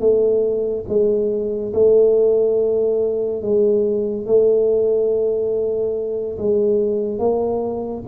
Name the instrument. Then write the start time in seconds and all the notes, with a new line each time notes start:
tuba
0.00 A3
0.88 G#3
1.73 A3
3.42 G#3
4.26 A3
6.38 G#3
7.19 A#3